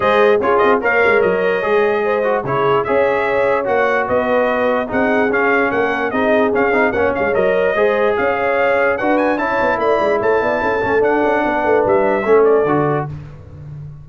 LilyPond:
<<
  \new Staff \with { instrumentName = "trumpet" } { \time 4/4 \tempo 4 = 147 dis''4 cis''8 dis''8 f''4 dis''4~ | dis''2 cis''4 e''4~ | e''4 fis''4 dis''2 | fis''4 f''4 fis''4 dis''4 |
f''4 fis''8 f''8 dis''2 | f''2 fis''8 gis''8 a''4 | b''4 a''2 fis''4~ | fis''4 e''4. d''4. | }
  \new Staff \with { instrumentName = "horn" } { \time 4/4 c''4 gis'4 cis''2~ | cis''4 c''4 gis'4 cis''4~ | cis''2 b'2 | gis'2 ais'4 gis'4~ |
gis'4 cis''2 c''4 | cis''2 b'4 cis''4 | d''4 cis''8 d''8 a'2 | b'2 a'2 | }
  \new Staff \with { instrumentName = "trombone" } { \time 4/4 gis'4 f'4 ais'2 | gis'4. fis'8 e'4 gis'4~ | gis'4 fis'2. | dis'4 cis'2 dis'4 |
cis'8 dis'8 cis'4 ais'4 gis'4~ | gis'2 fis'4 e'4~ | e'2~ e'8 cis'8 d'4~ | d'2 cis'4 fis'4 | }
  \new Staff \with { instrumentName = "tuba" } { \time 4/4 gis4 cis'8 c'8 ais8 gis8 fis4 | gis2 cis4 cis'4~ | cis'4 ais4 b2 | c'4 cis'4 ais4 c'4 |
cis'8 c'8 ais8 gis8 fis4 gis4 | cis'2 d'4 cis'8 b8 | a8 gis8 a8 b8 cis'8 a8 d'8 cis'8 | b8 a8 g4 a4 d4 | }
>>